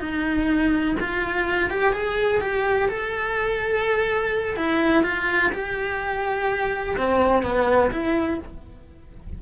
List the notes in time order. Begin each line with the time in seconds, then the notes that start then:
0.00 D#4
1.00 F4
1.70 G4
1.93 G#4
2.41 G4
2.89 A4
4.56 E4
5.03 F4
5.52 G4
6.97 C4
7.43 B3
7.91 E4